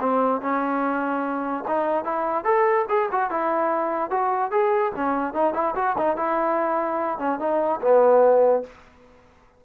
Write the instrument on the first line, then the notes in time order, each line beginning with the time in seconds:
trombone
0.00 C4
0.41 C#4
1.68 D#4
2.04 E4
2.44 A4
2.89 G#4
3.11 F#4
3.30 E4
4.10 F#4
4.51 G#4
4.95 C#4
5.34 D#4
5.54 E4
5.75 F#4
5.98 D#4
6.16 E4
7.18 C#4
7.39 D#4
7.81 B3